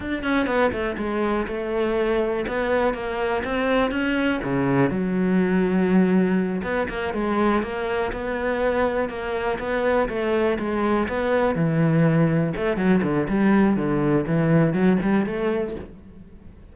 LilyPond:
\new Staff \with { instrumentName = "cello" } { \time 4/4 \tempo 4 = 122 d'8 cis'8 b8 a8 gis4 a4~ | a4 b4 ais4 c'4 | cis'4 cis4 fis2~ | fis4. b8 ais8 gis4 ais8~ |
ais8 b2 ais4 b8~ | b8 a4 gis4 b4 e8~ | e4. a8 fis8 d8 g4 | d4 e4 fis8 g8 a4 | }